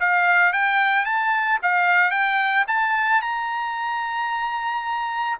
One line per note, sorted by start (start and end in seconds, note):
0.00 0.53 F5
0.53 1.05 G5
1.05 1.59 A5
1.62 2.11 F5
2.11 2.65 G5
2.68 3.22 A5
3.22 5.38 A#5